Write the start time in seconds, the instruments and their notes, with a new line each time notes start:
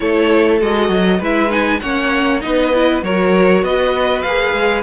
0.00 cello A3, viola E4, violin A4 C#5
0.60 cello G#3, viola F#4, violin D#5
0.89 cello F#3
1.19 cello G#3, viola E4, violin B4 E5
1.49 viola D#4, violin G#5
1.80 cello A#3, viola C#4, violin C#5 F#5
2.40 cello B3, viola D#4, violin B4 D#5
2.73 viola E4
3.02 cello F#3, viola F#4, violin A#4 C#5
3.62 cello B3, violin B4 D#5
4.21 cello A#3, viola G#4, violin F5
4.53 cello G#3